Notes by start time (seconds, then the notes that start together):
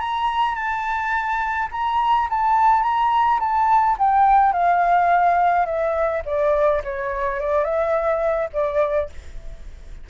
0.00 A#5
0.55 A5
1.71 A#5
2.30 A5
2.82 A#5
3.40 A5
3.98 G5
4.52 F5
5.65 E5
6.25 D5
6.83 C#5
7.39 D5
7.64 E5
8.53 D5